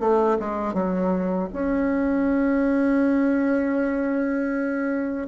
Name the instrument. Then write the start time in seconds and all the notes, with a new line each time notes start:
bassoon
0.00 A3
0.39 G#3
0.73 F#3
1.53 C#4